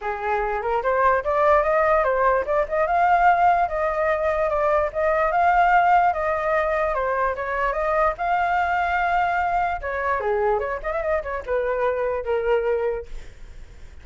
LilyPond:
\new Staff \with { instrumentName = "flute" } { \time 4/4 \tempo 4 = 147 gis'4. ais'8 c''4 d''4 | dis''4 c''4 d''8 dis''8 f''4~ | f''4 dis''2 d''4 | dis''4 f''2 dis''4~ |
dis''4 c''4 cis''4 dis''4 | f''1 | cis''4 gis'4 cis''8 dis''16 e''16 dis''8 cis''8 | b'2 ais'2 | }